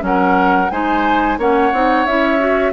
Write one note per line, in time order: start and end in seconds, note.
0.00 0.70 F#3
0.00 0.67 C#4
0.00 0.71 F#5
0.06 0.72 A#4
0.71 1.38 G#3
0.71 1.39 D#4
0.71 1.39 C5
0.71 1.38 G#5
1.38 1.72 A#3
1.38 1.73 C#4
1.38 2.73 C#5
1.38 2.06 F#5
1.73 2.06 C4
1.73 2.07 D#4
2.06 2.73 C#4
2.06 2.39 E4
2.06 2.73 E5
2.39 2.73 F#4